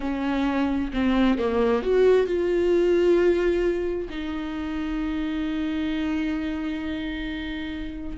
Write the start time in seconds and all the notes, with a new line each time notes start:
0.00 C#4
0.93 C4
1.38 A#3
1.82 F#4
2.26 F4
4.09 D#4